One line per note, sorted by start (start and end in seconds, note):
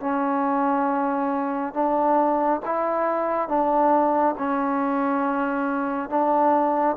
0.00 1.74 C#4
1.74 2.60 D4
2.65 3.48 E4
3.48 4.35 D4
4.38 6.09 C#4
6.09 6.96 D4